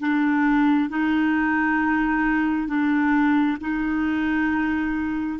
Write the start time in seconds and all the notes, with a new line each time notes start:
0.00 D4
0.90 D#4
2.68 D4
3.61 D#4